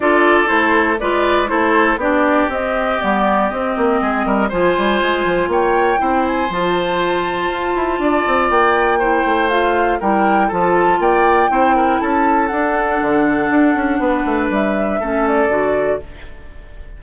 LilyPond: <<
  \new Staff \with { instrumentName = "flute" } { \time 4/4 \tempo 4 = 120 d''4 c''4 d''4 c''4 | d''4 dis''4 d''4 dis''4~ | dis''4 gis''2 g''4~ | g''8 gis''8 a''2.~ |
a''4 g''2 f''4 | g''4 a''4 g''2 | a''4 fis''2.~ | fis''4 e''4. d''4. | }
  \new Staff \with { instrumentName = "oboe" } { \time 4/4 a'2 b'4 a'4 | g'1 | gis'8 ais'8 c''2 cis''4 | c''1 |
d''2 c''2 | ais'4 a'4 d''4 c''8 ais'8 | a'1 | b'2 a'2 | }
  \new Staff \with { instrumentName = "clarinet" } { \time 4/4 f'4 e'4 f'4 e'4 | d'4 c'4 b4 c'4~ | c'4 f'2. | e'4 f'2.~ |
f'2 e'4 f'4 | e'4 f'2 e'4~ | e'4 d'2.~ | d'2 cis'4 fis'4 | }
  \new Staff \with { instrumentName = "bassoon" } { \time 4/4 d'4 a4 gis4 a4 | b4 c'4 g4 c'8 ais8 | gis8 g8 f8 g8 gis8 f8 ais4 | c'4 f2 f'8 e'8 |
d'8 c'8 ais4. a4. | g4 f4 ais4 c'4 | cis'4 d'4 d4 d'8 cis'8 | b8 a8 g4 a4 d4 | }
>>